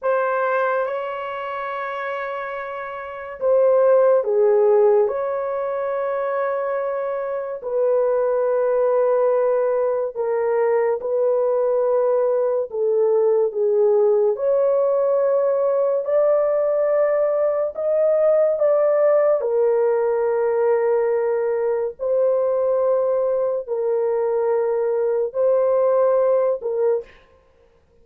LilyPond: \new Staff \with { instrumentName = "horn" } { \time 4/4 \tempo 4 = 71 c''4 cis''2. | c''4 gis'4 cis''2~ | cis''4 b'2. | ais'4 b'2 a'4 |
gis'4 cis''2 d''4~ | d''4 dis''4 d''4 ais'4~ | ais'2 c''2 | ais'2 c''4. ais'8 | }